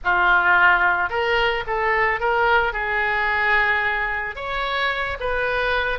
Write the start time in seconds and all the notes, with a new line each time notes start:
0.03 F4
1.09 A#4
1.66 A4
2.20 A#4
2.72 G#4
4.35 C#5
5.20 B4